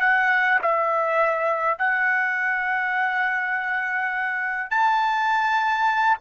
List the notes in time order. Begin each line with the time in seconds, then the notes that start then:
0.00 F#5
0.61 E5
1.78 F#5
4.70 A5